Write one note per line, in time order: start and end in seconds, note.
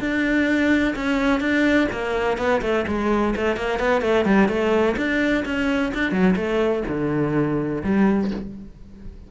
0.00 0.94 D4
0.96 1.41 C#4
1.41 1.88 D4
1.92 2.38 A#3
2.38 2.61 B3
2.62 2.85 A3
2.88 3.35 G#3
3.36 3.56 A3
3.56 3.79 A#3
3.79 4.02 B3
4.02 4.25 A3
4.25 4.48 G3
4.48 4.96 A3
4.97 5.44 D4
5.45 5.92 C#4
5.94 6.12 D4
6.12 6.35 F#3
6.36 6.83 A3
6.88 7.83 D3
7.84 8.31 G3